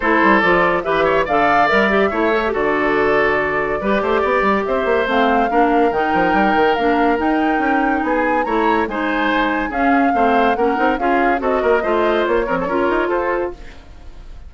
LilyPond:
<<
  \new Staff \with { instrumentName = "flute" } { \time 4/4 \tempo 4 = 142 c''4 d''4 e''4 f''4 | e''2 d''2~ | d''2. e''4 | f''2 g''2 |
f''4 g''2 gis''4 | ais''4 gis''2 f''4~ | f''4 fis''4 f''4 dis''4~ | dis''4 cis''2 c''4 | }
  \new Staff \with { instrumentName = "oboe" } { \time 4/4 a'2 b'8 cis''8 d''4~ | d''4 cis''4 a'2~ | a'4 b'8 c''8 d''4 c''4~ | c''4 ais'2.~ |
ais'2. gis'4 | cis''4 c''2 gis'4 | c''4 ais'4 gis'4 a'8 ais'8 | c''4. ais'16 a'16 ais'4 a'4 | }
  \new Staff \with { instrumentName = "clarinet" } { \time 4/4 e'4 f'4 g'4 a'4 | ais'8 g'8 e'8 a'16 g'16 fis'2~ | fis'4 g'2. | c'4 d'4 dis'2 |
d'4 dis'2. | e'4 dis'2 cis'4 | c'4 cis'8 dis'8 f'4 fis'4 | f'4. f8 f'2 | }
  \new Staff \with { instrumentName = "bassoon" } { \time 4/4 a8 g8 f4 e4 d4 | g4 a4 d2~ | d4 g8 a8 b8 g8 c'8 ais8 | a4 ais4 dis8 f8 g8 dis8 |
ais4 dis'4 cis'4 b4 | a4 gis2 cis'4 | a4 ais8 c'8 cis'4 c'8 ais8 | a4 ais8 c'8 cis'8 dis'8 f'4 | }
>>